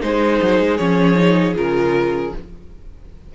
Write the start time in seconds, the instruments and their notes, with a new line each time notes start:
0.00 cello G#3, viola D#4, violin G#4 C5
0.42 cello F#3
0.59 cello G#3
0.76 cello F3, viola C#4, violin C#5
1.15 viola D#4
1.54 cello C#3, viola F4, violin A#4